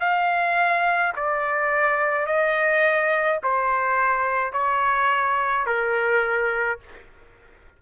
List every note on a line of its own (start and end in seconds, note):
0.00 1.13 F5
1.16 2.26 D5
2.26 3.39 D#5
3.43 4.52 C5
4.52 5.66 C#5
5.66 6.79 A#4